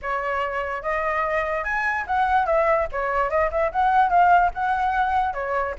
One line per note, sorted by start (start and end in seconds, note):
0.01 0.82 C#5
0.82 1.63 D#5
1.63 2.05 G#5
2.07 2.46 F#5
2.46 2.87 E5
2.92 3.30 C#5
3.30 3.50 D#5
3.51 3.71 E5
3.72 4.09 F#5
4.09 4.50 F5
4.54 5.33 F#5
5.33 5.74 C#5